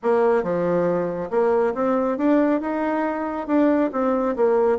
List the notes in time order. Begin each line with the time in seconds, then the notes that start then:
0.02 A#3
0.43 F3
1.30 A#3
1.74 C4
2.17 D4
2.61 D#4
3.47 D4
3.92 C4
4.36 A#3